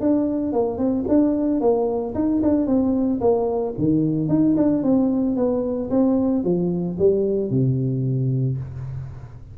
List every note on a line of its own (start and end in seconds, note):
0.00 0.53 D4
0.53 0.78 A#3
0.78 1.05 C4
1.08 1.61 D4
1.61 2.14 A#3
2.15 2.42 D#4
2.43 2.66 D4
2.66 3.20 C4
3.21 3.74 A#3
3.78 4.28 D#3
4.28 4.55 D#4
4.56 4.83 D4
4.83 5.36 C4
5.36 5.90 B3
5.90 6.44 C4
6.44 6.97 F3
6.98 7.50 G3
7.50 8.57 C3